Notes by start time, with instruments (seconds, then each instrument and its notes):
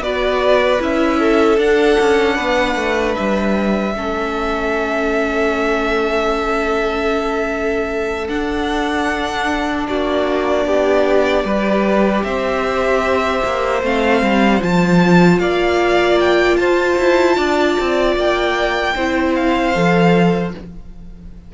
0.00 cello B3, viola F#4, violin B4 D5
0.80 cello C#4, viola E4, violin E5
1.19 violin A4
1.58 cello D4, viola D4, violin F#5
2.00 cello C#4
2.36 cello B3, violin B4
2.76 cello A3
3.15 cello G3, violin E5
3.95 cello A3, viola C#4, violin A4
8.29 viola D4, cello D4, violin F#5
9.88 cello A#3, violin F#4 D5
10.66 cello B3, violin G4
11.44 cello G3, viola G4, violin B4
12.24 cello C4, violin C5 E5
13.44 cello A#3
13.83 cello A3, viola C4, violin F5
14.22 cello G3
14.60 cello F3, viola F4, violin A5
15.39 cello A#3, violin D5 F5
16.20 violin G5
16.57 cello F4, violin C5 A5
16.98 cello E4
17.36 cello D4, violin D5
17.80 cello C4
18.16 cello A#3, violin G5
18.95 cello C4, viola E4, violin C5
19.35 violin F5
19.75 cello F3, viola A4